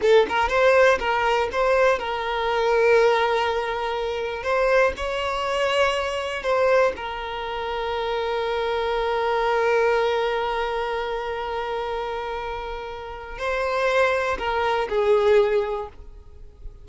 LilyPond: \new Staff \with { instrumentName = "violin" } { \time 4/4 \tempo 4 = 121 a'8 ais'8 c''4 ais'4 c''4 | ais'1~ | ais'4 c''4 cis''2~ | cis''4 c''4 ais'2~ |
ais'1~ | ais'1~ | ais'2. c''4~ | c''4 ais'4 gis'2 | }